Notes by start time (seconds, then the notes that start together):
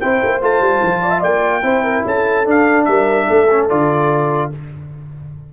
0.00 C4 E4 C5 G5
0.24 A#3
0.41 A3 F4 A5
0.60 G3
0.82 F3
1.02 D5
1.10 E5
1.20 A#3 D5 G5
1.62 C4 E4 C5
1.84 A#4
2.05 C#4 A4 A5
2.44 D4 F5
2.84 G3 A#4 E5
3.27 A3 A4
3.51 C#4
3.69 D3 F4 D5